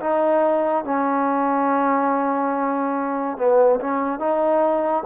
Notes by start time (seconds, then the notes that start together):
0.00 D#4
0.85 C#4
3.38 B3
3.81 C#4
4.19 D#4